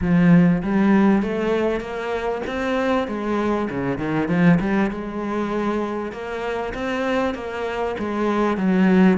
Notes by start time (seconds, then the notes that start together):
0.01 F3
0.62 G3
1.22 A3
1.80 A#3
2.46 C4
3.07 G#3
3.70 C#3
3.98 D#3
4.28 F3
4.60 G3
4.91 G#3
6.12 A#3
6.73 C4
7.34 A#3
7.98 G#3
8.57 F#3